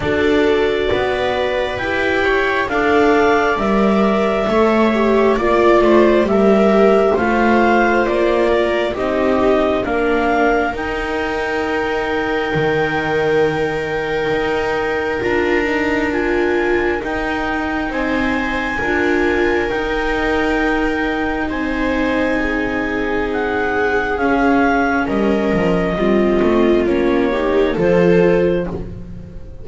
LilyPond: <<
  \new Staff \with { instrumentName = "clarinet" } { \time 4/4 \tempo 4 = 67 d''2 g''4 f''4 | e''2 d''4 e''4 | f''4 d''4 dis''4 f''4 | g''1~ |
g''4 ais''4 gis''4 g''4 | gis''2 g''2 | gis''2 fis''4 f''4 | dis''2 cis''4 c''4 | }
  \new Staff \with { instrumentName = "viola" } { \time 4/4 a'4 b'4. cis''8 d''4~ | d''4 cis''4 d''8 c''8 ais'4 | c''4. ais'8 g'4 ais'4~ | ais'1~ |
ais'1 | c''4 ais'2. | c''4 gis'2. | ais'4 f'4. g'8 a'4 | }
  \new Staff \with { instrumentName = "viola" } { \time 4/4 fis'2 g'4 a'4 | ais'4 a'8 g'8 f'4 g'4 | f'2 dis'4 d'4 | dis'1~ |
dis'4 f'8 dis'8 f'4 dis'4~ | dis'4 f'4 dis'2~ | dis'2. cis'4~ | cis'4 c'4 cis'8 dis'8 f'4 | }
  \new Staff \with { instrumentName = "double bass" } { \time 4/4 d'4 b4 e'4 d'4 | g4 a4 ais8 a8 g4 | a4 ais4 c'4 ais4 | dis'2 dis2 |
dis'4 d'2 dis'4 | c'4 d'4 dis'2 | c'2. cis'4 | g8 f8 g8 a8 ais4 f4 | }
>>